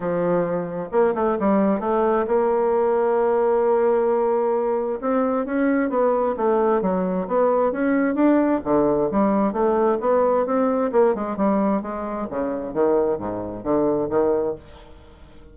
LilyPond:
\new Staff \with { instrumentName = "bassoon" } { \time 4/4 \tempo 4 = 132 f2 ais8 a8 g4 | a4 ais2.~ | ais2. c'4 | cis'4 b4 a4 fis4 |
b4 cis'4 d'4 d4 | g4 a4 b4 c'4 | ais8 gis8 g4 gis4 cis4 | dis4 gis,4 d4 dis4 | }